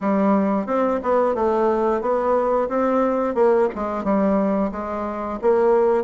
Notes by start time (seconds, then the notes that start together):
0.00 G3
0.66 C4
1.03 B3
1.34 A3
2.01 B3
2.68 C4
3.34 A#3
3.75 G#3
4.04 G3
4.71 G#3
5.41 A#3